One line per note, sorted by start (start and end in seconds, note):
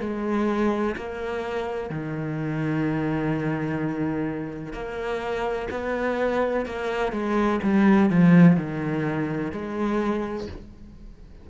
0.00 0.95 G#3
0.97 1.90 A#3
1.90 4.73 D#3
4.73 5.68 A#3
5.71 6.66 B3
6.66 7.13 A#3
7.13 7.60 G#3
7.63 8.10 G3
8.10 8.57 F3
8.57 9.52 D#3
9.52 10.47 G#3